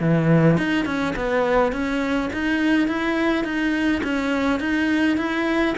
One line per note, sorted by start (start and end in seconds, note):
0.00 0.58 E3
0.58 0.85 D#4
0.85 1.14 C#4
1.16 1.72 B3
1.72 2.30 C#4
2.33 2.88 D#4
2.88 3.45 E4
3.45 4.02 D#4
4.04 4.60 C#4
4.60 5.18 D#4
5.18 5.75 E4